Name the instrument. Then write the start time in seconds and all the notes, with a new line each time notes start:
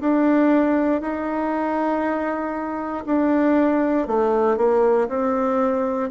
bassoon
0.00 D4
1.01 D#4
3.06 D4
4.07 A3
4.57 A#3
5.08 C4